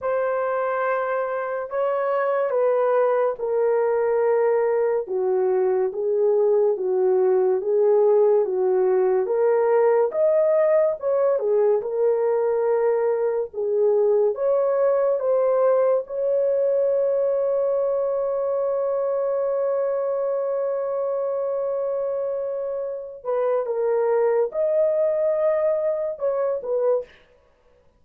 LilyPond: \new Staff \with { instrumentName = "horn" } { \time 4/4 \tempo 4 = 71 c''2 cis''4 b'4 | ais'2 fis'4 gis'4 | fis'4 gis'4 fis'4 ais'4 | dis''4 cis''8 gis'8 ais'2 |
gis'4 cis''4 c''4 cis''4~ | cis''1~ | cis''2.~ cis''8 b'8 | ais'4 dis''2 cis''8 b'8 | }